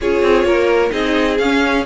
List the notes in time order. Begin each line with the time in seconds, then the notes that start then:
0.00 C#4 F4 G#4 C#5
0.22 C4
0.44 A#3 A#4
0.90 C4 D#4 G#4 D#5
1.38 C#4 F5